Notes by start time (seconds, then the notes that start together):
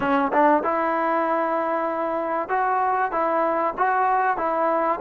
0.00 C#4
0.33 D4
0.63 E4
2.49 F#4
3.11 E4
3.77 F#4
4.37 E4